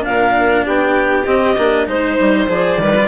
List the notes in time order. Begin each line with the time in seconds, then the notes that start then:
0.00 A#2 D4 F5
0.07 A#4
0.65 B3 G4 G5
1.26 C4 D#5
1.58 A#3 D4
1.87 G#3 D#4 C5
2.20 G3
2.48 F3 G#4 D5
2.79 D#3 G3 B4
2.96 F4